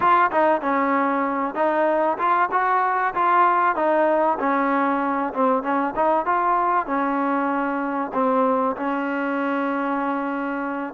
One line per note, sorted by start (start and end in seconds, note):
0.00 0.30 F4
0.31 0.61 D#4
0.61 1.55 C#4
1.55 2.17 D#4
2.18 2.49 F4
2.51 3.14 F#4
3.14 3.75 F4
3.75 4.38 D#4
4.39 5.33 C#4
5.33 5.62 C4
5.62 5.94 C#4
5.95 6.25 D#4
6.25 6.86 F4
6.86 8.11 C#4
8.13 8.76 C4
8.76 10.93 C#4